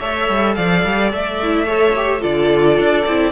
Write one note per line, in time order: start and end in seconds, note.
0.00 0.29 A3
0.00 1.40 A4
0.00 0.56 C#5
0.00 0.55 E5
0.29 0.57 G3
0.55 0.85 F3
0.55 1.66 D5
0.55 1.11 F5
0.85 1.13 G3
1.13 2.24 A3
1.13 2.23 E5
1.43 1.66 E4
1.66 1.94 A4
1.66 2.21 C#5
1.96 2.20 G4
2.20 2.79 D3
2.20 3.04 F4
2.20 3.32 A4
2.20 3.32 D5
2.79 3.06 D4
3.07 3.32 C4
3.07 3.32 E4